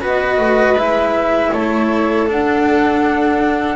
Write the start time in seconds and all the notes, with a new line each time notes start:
0.00 B3 F#4 B4 D#5
0.38 A3
0.74 G#3 E4 E5
1.52 A3 A4 C#5
2.27 D4 F#5